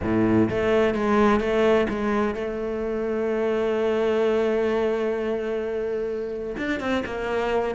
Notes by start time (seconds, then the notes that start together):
0.02 A2
0.49 A3
0.94 G#3
1.40 A3
1.89 G#3
2.34 A3
6.57 D4
6.80 C4
7.05 A#3